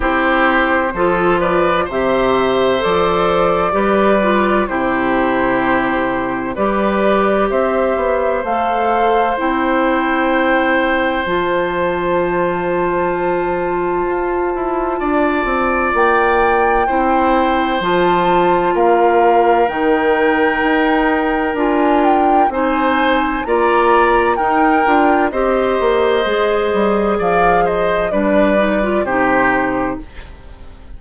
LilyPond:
<<
  \new Staff \with { instrumentName = "flute" } { \time 4/4 \tempo 4 = 64 c''4. d''8 e''4 d''4~ | d''4 c''2 d''4 | e''4 f''4 g''2 | a''1~ |
a''4 g''2 a''4 | f''4 g''2 gis''8 g''8 | gis''4 ais''4 g''4 dis''4~ | dis''4 f''8 dis''8 d''4 c''4 | }
  \new Staff \with { instrumentName = "oboe" } { \time 4/4 g'4 a'8 b'8 c''2 | b'4 g'2 b'4 | c''1~ | c''1 |
d''2 c''2 | ais'1 | c''4 d''4 ais'4 c''4~ | c''4 d''8 c''8 b'4 g'4 | }
  \new Staff \with { instrumentName = "clarinet" } { \time 4/4 e'4 f'4 g'4 a'4 | g'8 f'8 e'2 g'4~ | g'4 a'4 e'2 | f'1~ |
f'2 e'4 f'4~ | f'4 dis'2 f'4 | dis'4 f'4 dis'8 f'8 g'4 | gis'2 d'8 dis'16 f'16 dis'4 | }
  \new Staff \with { instrumentName = "bassoon" } { \time 4/4 c'4 f4 c4 f4 | g4 c2 g4 | c'8 b8 a4 c'2 | f2. f'8 e'8 |
d'8 c'8 ais4 c'4 f4 | ais4 dis4 dis'4 d'4 | c'4 ais4 dis'8 d'8 c'8 ais8 | gis8 g8 f4 g4 c4 | }
>>